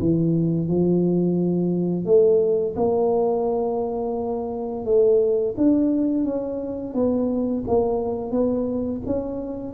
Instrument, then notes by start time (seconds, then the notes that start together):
tuba
0.00 E3
0.68 F3
2.05 A3
2.76 A#3
4.85 A3
5.57 D4
6.24 C#4
6.95 B3
7.67 A#3
8.31 B3
9.06 C#4